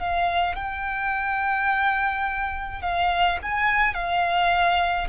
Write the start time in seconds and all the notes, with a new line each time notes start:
0.00 F5
0.56 G5
2.83 F5
3.43 G#5
3.94 F5